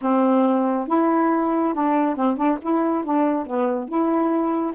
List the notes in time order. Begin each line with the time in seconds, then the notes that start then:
0.01 C4
0.87 E4
1.74 D4
2.15 C4
2.36 D4
2.61 E4
3.04 D4
3.46 B3
3.88 E4